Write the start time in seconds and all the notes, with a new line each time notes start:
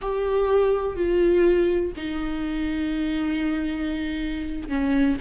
0.01 G4
0.96 F4
1.96 D#4
4.68 C#4